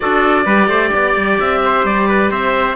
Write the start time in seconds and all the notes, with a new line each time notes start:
0.00 D4 F#4 A4 D5
0.45 G3 G4 B4
0.67 A3 C5
0.93 B3 D5
1.16 G3
1.39 C4 E5
1.65 C5
1.84 G3 D5
2.08 B4
2.30 C4 C5 E5